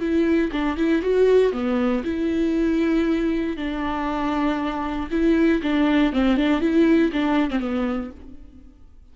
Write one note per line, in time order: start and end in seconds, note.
0.00 0.51 E4
0.52 0.77 D4
0.77 1.02 E4
1.02 1.52 F#4
1.52 2.03 B3
2.04 3.57 E4
3.57 5.09 D4
5.11 5.62 E4
5.63 6.13 D4
6.13 6.37 C4
6.37 6.60 D4
6.60 7.11 E4
7.12 7.50 D4
7.51 7.60 C4
7.60 8.11 B3